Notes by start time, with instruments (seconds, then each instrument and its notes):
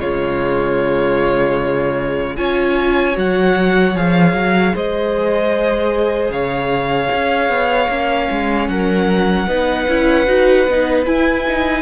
0.00 cello C#3, viola G#3, violin F4 C#5
2.37 cello C#4, viola F4, violin C#5 G#5
3.14 cello F#3, viola F#4, violin F#5
3.95 cello F3, viola G#4, violin F5
4.33 cello F#3
4.75 cello G#3, violin C5 D#5
6.30 cello C#3, violin C#5 F5
7.13 cello C#4
7.49 cello B3
7.89 cello A#3, viola C#4
8.31 cello G#3
8.68 cello F#3, violin A#4 F#5
9.47 cello B3, viola D#4, violin B4
9.88 cello C#4, viola E4
10.26 cello D#4, viola F#4
10.67 cello B3, viola D#4
11.05 viola E4, cello E4, violin G#5
11.48 viola D#4